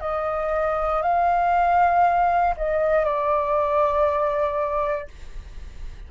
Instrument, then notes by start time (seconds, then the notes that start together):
flute
0.00 D#5
1.02 F5
2.57 D#5
3.04 D5